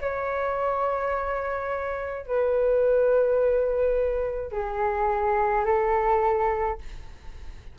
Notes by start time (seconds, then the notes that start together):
0.00 C#5
2.26 B4
4.51 G#4
5.64 A4